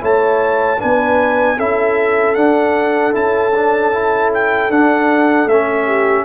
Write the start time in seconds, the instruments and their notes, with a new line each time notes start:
0.00 tuba A3, trombone E4, horn C#5, trumpet A5
0.79 tuba B3, trombone D4, horn B4, trumpet G#5
1.57 tuba C#4, trombone E4, horn A4, trumpet E5
2.35 tuba D4, trombone D4, trumpet F#5
3.13 tuba C#4, trombone E4, trumpet A5
3.56 trombone D4
3.93 trombone E4
4.34 trumpet G5
4.69 tuba D4, trombone D4, trumpet F#5
5.46 tuba A3, trombone C#4, trumpet E5
5.86 horn G4